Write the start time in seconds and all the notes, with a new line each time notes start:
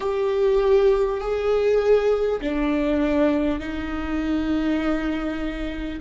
0.00 G4
1.20 G#4
2.41 D4
3.59 D#4